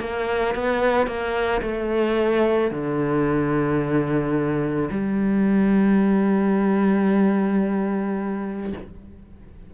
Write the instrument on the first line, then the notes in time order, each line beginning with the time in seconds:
cello
0.00 A#3
0.55 B3
1.07 A#3
1.61 A3
2.71 D3
4.91 G3